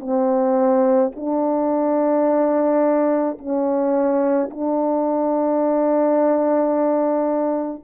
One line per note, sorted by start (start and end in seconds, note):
0.00 1.11 C4
1.16 3.38 D4
3.38 4.49 C#4
4.51 7.84 D4